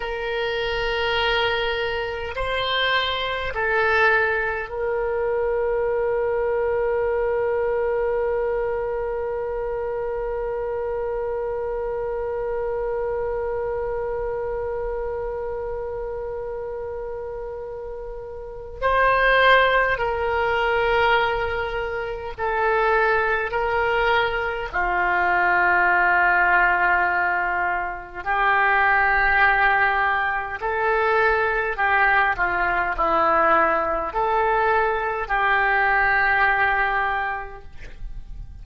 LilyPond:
\new Staff \with { instrumentName = "oboe" } { \time 4/4 \tempo 4 = 51 ais'2 c''4 a'4 | ais'1~ | ais'1~ | ais'1 |
c''4 ais'2 a'4 | ais'4 f'2. | g'2 a'4 g'8 f'8 | e'4 a'4 g'2 | }